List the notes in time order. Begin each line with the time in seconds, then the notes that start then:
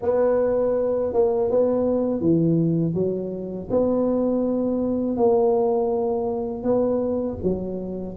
0.02 B3
1.13 A#3
1.50 B3
2.20 E3
2.94 F#3
3.70 B3
5.16 A#3
6.63 B3
7.42 F#3